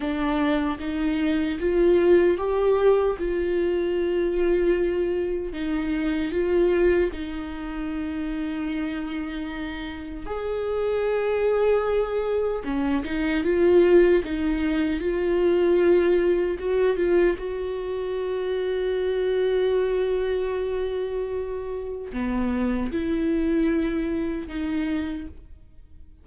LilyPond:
\new Staff \with { instrumentName = "viola" } { \time 4/4 \tempo 4 = 76 d'4 dis'4 f'4 g'4 | f'2. dis'4 | f'4 dis'2.~ | dis'4 gis'2. |
cis'8 dis'8 f'4 dis'4 f'4~ | f'4 fis'8 f'8 fis'2~ | fis'1 | b4 e'2 dis'4 | }